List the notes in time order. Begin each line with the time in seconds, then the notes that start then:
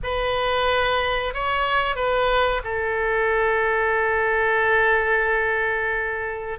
0.03 B4
1.34 C#5
1.95 B4
2.64 A4